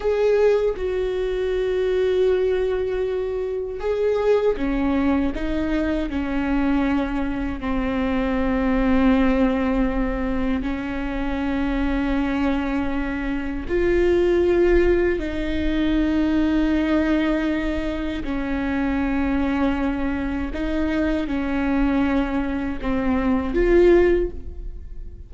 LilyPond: \new Staff \with { instrumentName = "viola" } { \time 4/4 \tempo 4 = 79 gis'4 fis'2.~ | fis'4 gis'4 cis'4 dis'4 | cis'2 c'2~ | c'2 cis'2~ |
cis'2 f'2 | dis'1 | cis'2. dis'4 | cis'2 c'4 f'4 | }